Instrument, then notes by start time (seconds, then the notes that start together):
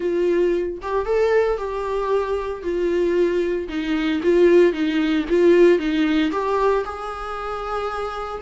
viola
0.00 F4
0.82 G4
1.05 A4
1.57 G4
2.62 F4
3.68 D#4
4.22 F4
4.72 D#4
5.29 F4
5.78 D#4
6.31 G4
6.84 G#4